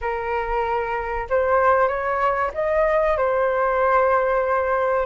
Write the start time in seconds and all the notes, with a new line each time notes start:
0.01 A#4
1.29 C5
1.88 C#5
2.53 D#5
3.17 C5